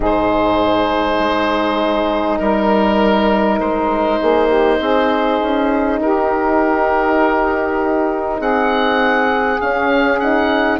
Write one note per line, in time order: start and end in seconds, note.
0.00 1.19 G#2
0.00 9.58 D#4
0.00 2.39 G#4
0.00 2.39 C5
1.19 2.39 G#3
2.39 3.59 G3
2.39 3.58 A#4
2.39 4.20 A#4
3.59 4.19 G#3
3.59 6.00 C5
4.20 4.79 A#3
4.20 4.47 G#4
4.47 4.77 G4
4.79 5.40 C4
4.79 6.00 G#4
5.42 5.99 C#4
5.99 8.39 D#4
5.99 8.38 G4
5.99 8.41 A#4
8.38 9.59 C4
8.38 10.79 G#4
8.38 9.60 F#5
9.60 10.79 C#4
9.60 10.21 C#4
9.60 10.19 F5
10.19 10.79 D#4
10.19 10.79 F#5